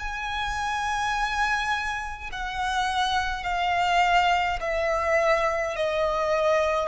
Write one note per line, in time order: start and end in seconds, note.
0.00 2.31 G#5
2.33 3.44 F#5
3.44 4.59 F5
4.61 5.76 E5
5.77 6.89 D#5